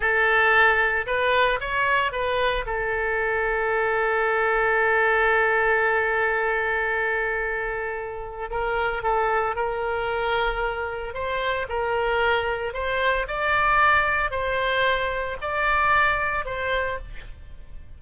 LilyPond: \new Staff \with { instrumentName = "oboe" } { \time 4/4 \tempo 4 = 113 a'2 b'4 cis''4 | b'4 a'2.~ | a'1~ | a'1 |
ais'4 a'4 ais'2~ | ais'4 c''4 ais'2 | c''4 d''2 c''4~ | c''4 d''2 c''4 | }